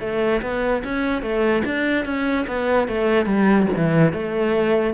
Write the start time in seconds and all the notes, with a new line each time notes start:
0.00 A3
0.42 B3
0.84 C#4
1.22 A3
1.65 D4
2.05 C#4
2.47 B3
2.88 A3
3.26 G3
3.76 E3
4.13 A3